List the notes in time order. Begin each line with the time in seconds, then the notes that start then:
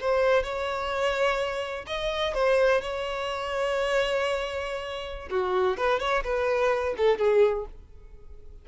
0.00 C5
0.43 C#5
1.87 D#5
2.34 C5
2.81 C#5
5.30 F#4
5.77 B4
6.00 C#5
6.24 B4
6.97 A4
7.18 G#4